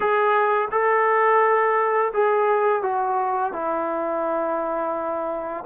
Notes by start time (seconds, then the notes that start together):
0.00 G#4
0.71 A4
2.13 G#4
2.82 F#4
3.52 E4